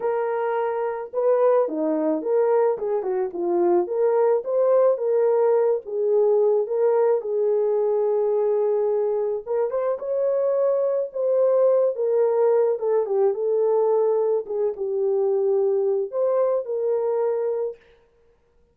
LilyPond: \new Staff \with { instrumentName = "horn" } { \time 4/4 \tempo 4 = 108 ais'2 b'4 dis'4 | ais'4 gis'8 fis'8 f'4 ais'4 | c''4 ais'4. gis'4. | ais'4 gis'2.~ |
gis'4 ais'8 c''8 cis''2 | c''4. ais'4. a'8 g'8 | a'2 gis'8 g'4.~ | g'4 c''4 ais'2 | }